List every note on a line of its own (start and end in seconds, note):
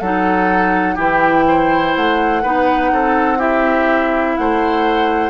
0.00 0.97 F#3
0.00 0.97 D#4
0.00 0.95 A4
0.00 0.97 F#5
0.95 1.94 E3
0.95 2.42 E4
0.95 1.44 G4
0.95 1.96 G5
1.48 2.43 C5
1.96 2.44 A3
1.96 3.41 F#5
2.43 2.92 B3
2.43 3.38 D#4
2.43 2.91 B4
2.92 4.37 C4
2.92 3.38 A4
3.38 5.30 E4
3.38 4.35 G4
3.38 4.37 E5
4.37 5.30 A3
4.37 5.30 C5
4.37 5.30 F#5